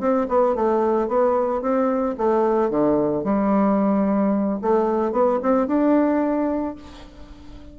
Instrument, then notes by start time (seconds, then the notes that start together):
bassoon
0.00 C4
0.29 B3
0.55 A3
1.08 B3
1.62 C4
2.18 A3
2.70 D3
3.24 G3
4.62 A3
5.12 B3
5.43 C4
5.67 D4